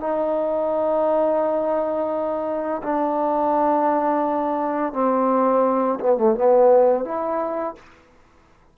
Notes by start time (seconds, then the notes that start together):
0.00 D#4
2.83 D4
4.93 C4
6.00 B3
6.17 A3
6.35 B3
7.05 E4